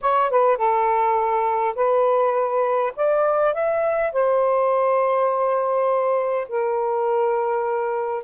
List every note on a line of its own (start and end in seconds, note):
0.01 0.30 C#5
0.30 0.57 B4
0.57 1.74 A4
1.75 2.93 B4
2.96 3.54 D5
3.54 4.12 E5
4.12 6.47 C5
6.48 8.23 A#4